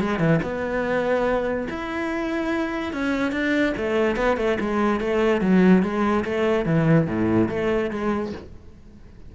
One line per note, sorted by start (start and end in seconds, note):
0.00 0.19 G#3
0.19 0.40 E3
0.43 1.68 B3
1.70 2.93 E4
2.93 3.32 C#4
3.32 3.73 D4
3.77 4.16 A3
4.16 4.37 B3
4.37 4.58 A3
4.60 5.01 G#3
5.01 5.41 A3
5.41 5.83 F#3
5.83 6.24 G#3
6.25 6.66 A3
6.66 7.07 E3
7.07 7.49 A2
7.49 7.91 A3
7.91 8.33 G#3